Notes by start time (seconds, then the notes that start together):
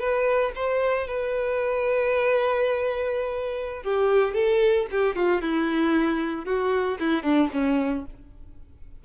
0.00 B4
0.56 C5
1.07 B4
3.83 G4
4.34 A4
4.91 G4
5.16 F4
5.42 E4
6.46 F#4
7.00 E4
7.23 D4
7.53 C#4